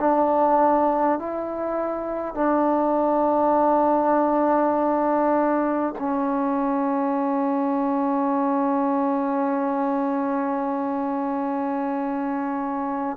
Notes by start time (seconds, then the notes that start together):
0.00 D4
1.19 E4
2.35 D4
5.99 C#4